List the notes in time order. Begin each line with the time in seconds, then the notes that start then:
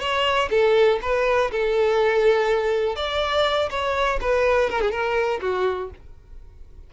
0.00 C#5
0.51 A4
1.02 B4
1.52 A4
2.96 D5
3.71 C#5
4.21 B4
4.70 A#4
4.82 G#4
4.92 A#4
5.41 F#4